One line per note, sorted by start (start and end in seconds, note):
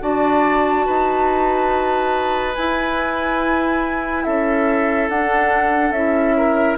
0.00 0.86 D4
0.00 2.54 F#4
0.00 0.86 D5
0.00 2.54 A5
0.86 2.57 D#4
0.86 4.24 B4
2.54 4.26 E4
2.54 5.11 E4
2.54 4.23 G#5
4.23 5.09 C#4
4.23 6.36 A4
4.23 5.08 E5
5.09 5.91 D4
5.09 5.95 D4
5.09 5.92 F#5
5.91 6.75 C#4
5.91 6.78 E4
5.91 6.76 E5
6.37 6.78 A#4